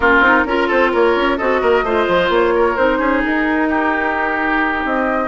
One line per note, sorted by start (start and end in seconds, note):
0.00 0.20 A#3
0.00 0.23 C#4
0.00 0.44 F4
0.00 0.69 A#4
0.20 0.43 C4
0.20 0.46 D#4
0.45 0.68 C#4
0.45 1.39 F4
0.45 0.67 A#4
0.67 0.94 C4
0.67 0.90 A4
0.67 0.92 C5
0.92 1.16 A#3
0.92 1.37 A#4
0.92 1.37 C#5
1.16 1.39 C#4
1.37 1.61 C4
1.37 1.85 F#4
1.37 1.60 A4
1.37 2.30 D#5
1.61 1.82 A#3
1.61 1.84 A#4
1.82 2.06 A3
1.82 2.77 F4
1.82 2.53 C5
2.07 2.29 F3
2.29 2.75 A#3
2.29 2.76 C#5
2.55 2.98 A#4
2.76 2.98 C4
2.76 5.28 D#4
2.76 3.22 C5
2.98 3.22 C#4
2.98 3.67 G#4
3.24 4.84 D#4
3.24 4.85 A#4
3.69 5.28 G4
4.84 5.28 C4
4.84 5.28 D#5